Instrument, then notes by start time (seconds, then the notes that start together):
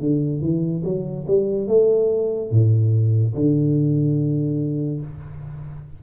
tuba
0.00 D3
0.42 E3
0.84 F#3
1.28 G3
1.68 A3
2.51 A2
3.35 D3